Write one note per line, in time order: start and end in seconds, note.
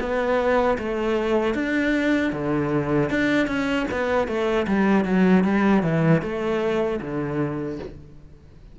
0.00 0.78 B3
0.79 1.55 A3
1.55 2.33 D4
2.33 3.10 D3
3.10 3.47 D4
3.47 3.86 C#4
3.92 4.28 B3
4.28 4.67 A3
4.68 5.05 G3
5.05 5.44 F#3
5.44 5.83 G3
5.83 6.22 E3
6.22 7.00 A3
7.01 7.79 D3